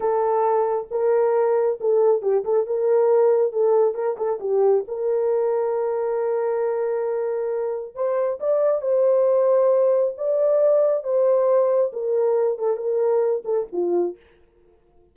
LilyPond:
\new Staff \with { instrumentName = "horn" } { \time 4/4 \tempo 4 = 136 a'2 ais'2 | a'4 g'8 a'8 ais'2 | a'4 ais'8 a'8 g'4 ais'4~ | ais'1~ |
ais'2 c''4 d''4 | c''2. d''4~ | d''4 c''2 ais'4~ | ais'8 a'8 ais'4. a'8 f'4 | }